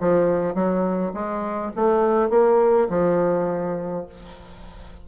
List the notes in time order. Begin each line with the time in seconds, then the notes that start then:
0.00 F3
0.54 F#3
1.14 G#3
1.76 A3
2.30 A#3
2.89 F3